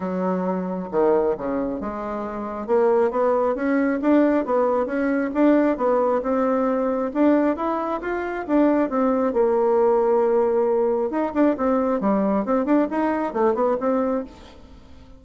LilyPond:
\new Staff \with { instrumentName = "bassoon" } { \time 4/4 \tempo 4 = 135 fis2 dis4 cis4 | gis2 ais4 b4 | cis'4 d'4 b4 cis'4 | d'4 b4 c'2 |
d'4 e'4 f'4 d'4 | c'4 ais2.~ | ais4 dis'8 d'8 c'4 g4 | c'8 d'8 dis'4 a8 b8 c'4 | }